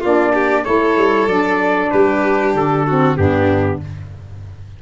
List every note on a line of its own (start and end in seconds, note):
0.00 0.66 A#3
0.00 0.64 D4
0.00 0.32 F4
0.00 0.64 D5
0.34 0.64 G4
0.64 0.97 A3
0.64 1.27 E4
0.64 1.90 A4
0.64 1.27 C#5
0.97 1.27 G3
1.27 1.90 F#3
1.27 2.86 D4
1.27 1.91 D5
1.91 2.54 G3
1.91 2.86 G4
1.91 2.54 B4
2.54 3.17 D3
2.54 3.17 A4
2.86 3.16 C4
2.86 3.18 F#4
3.16 3.80 G2
3.16 3.80 B3
3.16 3.82 D4
3.16 3.80 G4